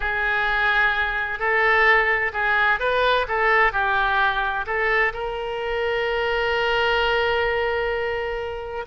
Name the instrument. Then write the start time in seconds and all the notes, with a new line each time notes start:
oboe
0.00 G#4
1.39 A4
2.33 G#4
2.79 B4
3.28 A4
3.72 G4
4.66 A4
5.13 A#4